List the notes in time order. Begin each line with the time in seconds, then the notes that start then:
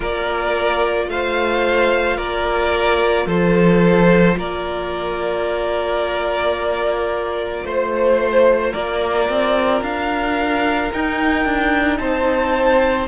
0.00 A#3 F4 A#4 D5
1.08 A3 C5 F5
2.16 A#3 A#4 D5
3.26 F3 A4 C5
4.36 A#3 A#4 D5
7.64 A3 C5
8.72 A#3 A#4 D5
9.29 C4
9.81 D4 F5
10.92 D#4 G5
11.45 D4
11.97 C4 C5 A5